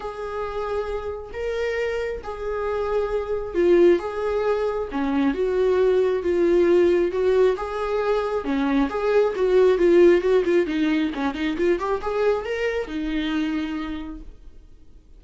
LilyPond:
\new Staff \with { instrumentName = "viola" } { \time 4/4 \tempo 4 = 135 gis'2. ais'4~ | ais'4 gis'2. | f'4 gis'2 cis'4 | fis'2 f'2 |
fis'4 gis'2 cis'4 | gis'4 fis'4 f'4 fis'8 f'8 | dis'4 cis'8 dis'8 f'8 g'8 gis'4 | ais'4 dis'2. | }